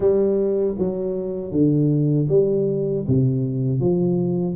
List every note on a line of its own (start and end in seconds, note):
0.00 0.75 G3
0.78 1.51 F#3
1.51 2.27 D3
2.28 3.04 G3
3.07 3.79 C3
3.79 4.55 F3